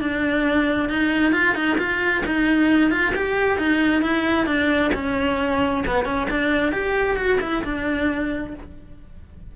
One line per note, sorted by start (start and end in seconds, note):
0.00 0.89 D4
0.89 1.32 D#4
1.32 1.55 F4
1.55 1.77 D#4
1.78 2.23 F4
2.26 2.91 D#4
2.91 3.13 F4
3.15 3.58 G4
3.58 4.02 D#4
4.02 4.46 E4
4.46 4.91 D4
4.94 5.84 C#4
5.86 6.05 B3
6.05 6.27 C#4
6.30 6.72 D4
6.72 7.16 G4
7.16 7.39 F#4
7.41 7.63 E4
7.64 8.54 D4